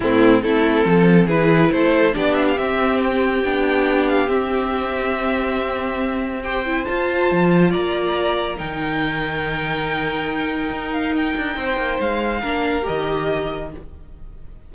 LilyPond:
<<
  \new Staff \with { instrumentName = "violin" } { \time 4/4 \tempo 4 = 140 e'4 a'2 b'4 | c''4 d''8 e''16 f''16 e''4 g''4~ | g''4. f''8 e''2~ | e''2. g''4 |
a''2 ais''2 | g''1~ | g''4. f''8 g''2 | f''2 dis''2 | }
  \new Staff \with { instrumentName = "violin" } { \time 4/4 c'4 e'4 a'4 gis'4 | a'4 g'2.~ | g'1~ | g'2. c''4~ |
c''2 d''2 | ais'1~ | ais'2. c''4~ | c''4 ais'2. | }
  \new Staff \with { instrumentName = "viola" } { \time 4/4 a4 c'2 e'4~ | e'4 d'4 c'2 | d'2 c'2~ | c'2. g'8 e'8 |
f'1 | dis'1~ | dis'1~ | dis'4 d'4 g'2 | }
  \new Staff \with { instrumentName = "cello" } { \time 4/4 a,4 a4 f4 e4 | a4 b4 c'2 | b2 c'2~ | c'1 |
f'4 f4 ais2 | dis1~ | dis4 dis'4. d'8 c'8 ais8 | gis4 ais4 dis2 | }
>>